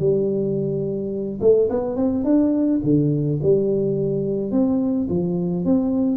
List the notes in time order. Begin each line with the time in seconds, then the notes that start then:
0.00 G3
1.42 A3
1.70 B3
1.97 C4
2.25 D4
2.84 D3
3.43 G3
4.52 C4
5.10 F3
5.65 C4